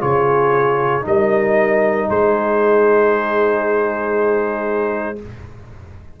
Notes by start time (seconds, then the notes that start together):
0.00 C#3 F4 G#4 C#5
1.01 G3 D#4 A#4 D#5
2.09 G#3 G#4 C5